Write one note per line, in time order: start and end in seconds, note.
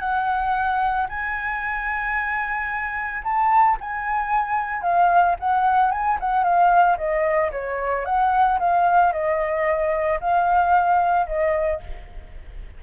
0.00 1.07 F#5
1.09 3.23 G#5
3.24 3.77 A5
3.81 4.82 G#5
4.82 5.36 F5
5.40 5.91 F#5
5.91 6.18 G#5
6.20 6.44 F#5
6.44 6.97 F5
6.98 7.51 D#5
7.52 8.06 C#5
8.06 8.59 F#5
8.60 9.13 F5
9.13 10.20 D#5
10.21 11.27 F5
11.27 11.81 D#5